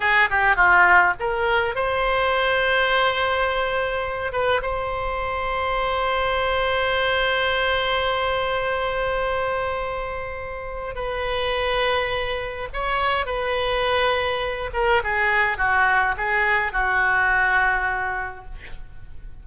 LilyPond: \new Staff \with { instrumentName = "oboe" } { \time 4/4 \tempo 4 = 104 gis'8 g'8 f'4 ais'4 c''4~ | c''2.~ c''8 b'8 | c''1~ | c''1~ |
c''2. b'4~ | b'2 cis''4 b'4~ | b'4. ais'8 gis'4 fis'4 | gis'4 fis'2. | }